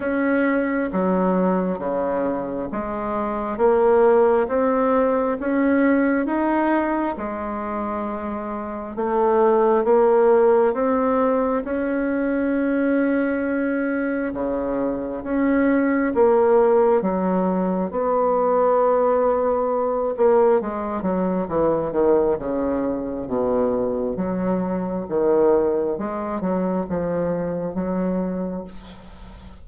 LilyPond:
\new Staff \with { instrumentName = "bassoon" } { \time 4/4 \tempo 4 = 67 cis'4 fis4 cis4 gis4 | ais4 c'4 cis'4 dis'4 | gis2 a4 ais4 | c'4 cis'2. |
cis4 cis'4 ais4 fis4 | b2~ b8 ais8 gis8 fis8 | e8 dis8 cis4 b,4 fis4 | dis4 gis8 fis8 f4 fis4 | }